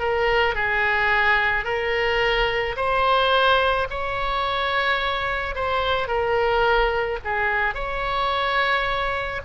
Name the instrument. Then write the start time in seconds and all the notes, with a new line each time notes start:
oboe
0.00 A#4
0.55 G#4
1.65 A#4
2.77 C5
3.90 C#5
5.56 C5
6.08 A#4
7.25 G#4
7.75 C#5